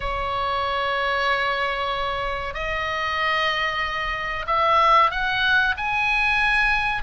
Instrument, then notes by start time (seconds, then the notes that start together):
oboe
0.00 C#5
2.54 D#5
4.47 E5
5.11 F#5
5.77 G#5